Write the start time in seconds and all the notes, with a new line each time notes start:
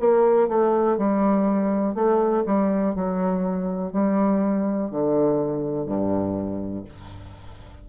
0.00 A#3
0.48 A3
0.97 G3
1.95 A3
2.46 G3
2.96 F#3
3.92 G3
4.91 D3
5.87 G2